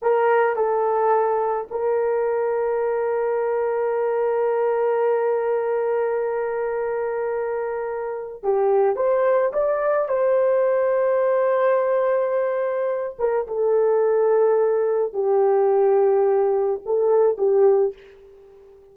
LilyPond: \new Staff \with { instrumentName = "horn" } { \time 4/4 \tempo 4 = 107 ais'4 a'2 ais'4~ | ais'1~ | ais'1~ | ais'2. g'4 |
c''4 d''4 c''2~ | c''2.~ c''8 ais'8 | a'2. g'4~ | g'2 a'4 g'4 | }